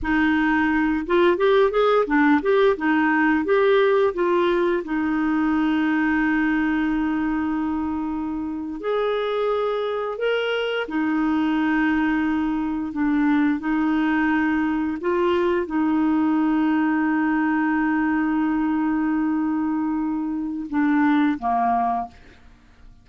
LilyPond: \new Staff \with { instrumentName = "clarinet" } { \time 4/4 \tempo 4 = 87 dis'4. f'8 g'8 gis'8 d'8 g'8 | dis'4 g'4 f'4 dis'4~ | dis'1~ | dis'8. gis'2 ais'4 dis'16~ |
dis'2~ dis'8. d'4 dis'16~ | dis'4.~ dis'16 f'4 dis'4~ dis'16~ | dis'1~ | dis'2 d'4 ais4 | }